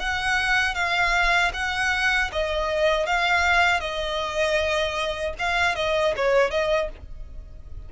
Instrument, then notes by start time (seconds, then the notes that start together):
violin
0.00 F#5
0.75 F5
1.54 F#5
2.33 D#5
3.07 F5
3.80 D#5
5.39 F5
5.76 D#5
6.16 C#5
6.51 D#5